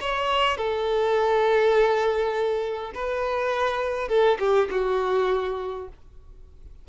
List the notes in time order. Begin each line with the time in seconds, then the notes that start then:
0.00 C#5
0.57 A4
2.94 B4
4.08 A4
4.39 G4
4.70 F#4